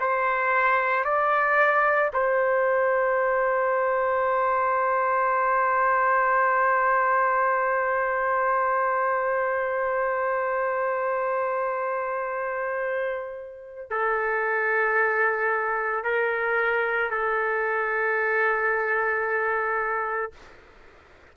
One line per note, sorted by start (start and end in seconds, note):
0.00 1.04 C5
1.04 2.11 D5
2.13 13.90 C5
13.90 16.04 A4
16.04 17.10 A#4
17.10 20.32 A4